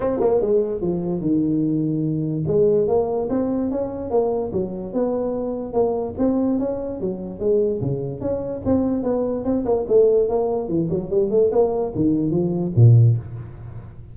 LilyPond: \new Staff \with { instrumentName = "tuba" } { \time 4/4 \tempo 4 = 146 c'8 ais8 gis4 f4 dis4~ | dis2 gis4 ais4 | c'4 cis'4 ais4 fis4 | b2 ais4 c'4 |
cis'4 fis4 gis4 cis4 | cis'4 c'4 b4 c'8 ais8 | a4 ais4 e8 fis8 g8 a8 | ais4 dis4 f4 ais,4 | }